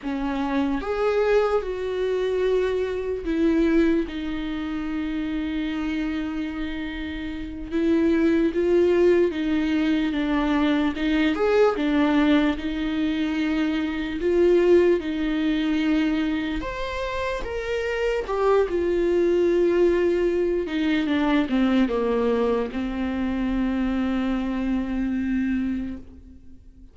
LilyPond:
\new Staff \with { instrumentName = "viola" } { \time 4/4 \tempo 4 = 74 cis'4 gis'4 fis'2 | e'4 dis'2.~ | dis'4. e'4 f'4 dis'8~ | dis'8 d'4 dis'8 gis'8 d'4 dis'8~ |
dis'4. f'4 dis'4.~ | dis'8 c''4 ais'4 g'8 f'4~ | f'4. dis'8 d'8 c'8 ais4 | c'1 | }